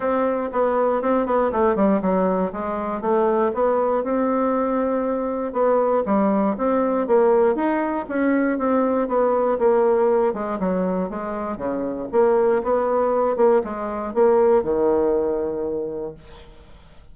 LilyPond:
\new Staff \with { instrumentName = "bassoon" } { \time 4/4 \tempo 4 = 119 c'4 b4 c'8 b8 a8 g8 | fis4 gis4 a4 b4 | c'2. b4 | g4 c'4 ais4 dis'4 |
cis'4 c'4 b4 ais4~ | ais8 gis8 fis4 gis4 cis4 | ais4 b4. ais8 gis4 | ais4 dis2. | }